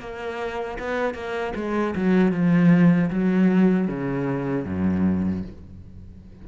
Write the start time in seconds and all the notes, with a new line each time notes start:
0.00 A#3
0.79 B3
1.14 A#3
1.55 G#3
1.96 F#3
2.32 F3
3.10 F#3
3.88 C#3
4.65 F#2